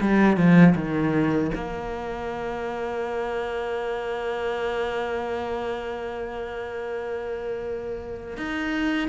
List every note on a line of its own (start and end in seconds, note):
0.00 0.36 G3
0.36 0.74 F3
0.75 1.51 D#3
1.55 8.37 A#3
8.37 9.08 D#4